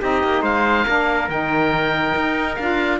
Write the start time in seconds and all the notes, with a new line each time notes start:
0.00 C4 D#4 G4 D#5
0.23 A#3
0.42 G#3 C5 F5
0.85 A#3 D4 A#4
1.28 D#3 D#4 G5
2.15 D#4
2.56 D4 F4 F5